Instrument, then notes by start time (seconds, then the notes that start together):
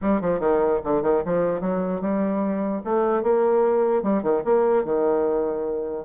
bassoon
0.01 G3
0.21 F3
0.39 D#3
0.84 D3
1.02 D#3
1.25 F3
1.61 F#3
2.01 G3
2.84 A3
3.22 A#3
4.03 G3
4.22 D#3
4.44 A#3
4.84 D#3